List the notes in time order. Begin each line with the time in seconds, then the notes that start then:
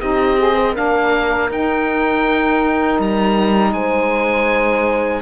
0.00 C4 D#4 G4 D#5
0.38 G#4
0.55 C5
0.73 A#3 D4 A#4 F5
1.50 D#4 G5
2.99 G3 A#5
3.73 G#3 C5 G#5